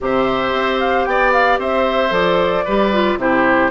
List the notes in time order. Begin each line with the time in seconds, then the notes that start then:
0.00 C3 G4 C5 E5
0.53 C4
0.79 F5
1.05 B3 D5 G5
1.32 F5
1.58 C4 C5 E5
2.10 F3 A4 D5
2.64 G3 G4 B4
2.92 F4
3.17 C3 E4 G4 C5